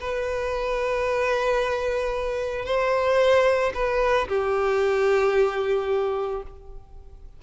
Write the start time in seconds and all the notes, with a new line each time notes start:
0.00 B4
2.65 C5
3.74 B4
4.28 G4